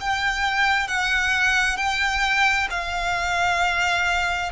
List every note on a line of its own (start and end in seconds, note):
0.00 0.88 G5
0.88 1.77 F#5
1.77 2.68 G5
2.70 4.52 F5